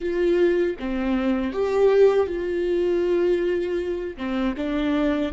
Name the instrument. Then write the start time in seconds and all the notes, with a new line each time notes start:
viola
0.00 F4
0.79 C4
1.52 G4
2.26 F4
4.17 C4
4.56 D4